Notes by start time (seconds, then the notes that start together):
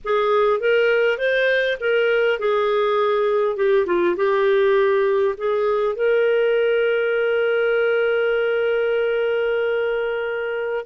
0.04 G#4
0.59 A#4
1.18 C5
1.80 A#4
2.39 G#4
3.56 G4
3.86 F4
4.16 G4
5.37 G#4
5.95 A#4